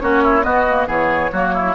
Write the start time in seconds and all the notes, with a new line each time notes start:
0.00 A#3 C#4 F#4 C#5
0.23 E4
0.42 B3 F#4 D#5
0.69 A#3
0.87 E3 B3 G#4 C#5
1.32 F#3 A#3 F#4
1.54 E4